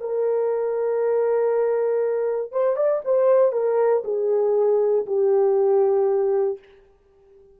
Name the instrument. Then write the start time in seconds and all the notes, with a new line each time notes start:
horn
0.00 A#4
2.52 C5
2.76 D5
3.05 C5
3.52 A#4
4.04 G#4
5.06 G4